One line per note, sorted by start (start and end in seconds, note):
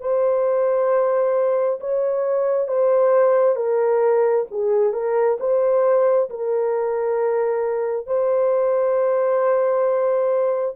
0.00 1.79 C5
1.80 2.67 C#5
2.67 3.56 C5
3.56 4.45 A#4
4.51 4.93 G#4
4.93 5.38 A#4
5.39 6.29 C5
6.30 8.06 A#4
8.06 10.75 C5